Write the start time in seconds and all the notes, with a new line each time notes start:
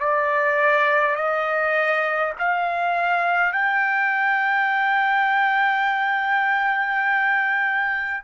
0.00 D5
1.16 D#5
2.39 F5
3.52 G5